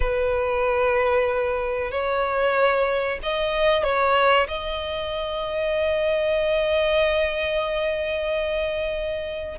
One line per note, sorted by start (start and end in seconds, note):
0.00 1.91 B4
1.91 3.18 C#5
3.22 3.83 D#5
3.83 4.47 C#5
4.48 9.58 D#5